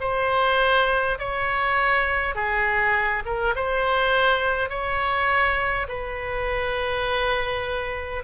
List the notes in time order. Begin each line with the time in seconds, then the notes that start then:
0.00 C5
1.18 C#5
2.35 G#4
3.25 A#4
3.55 C5
4.69 C#5
5.88 B4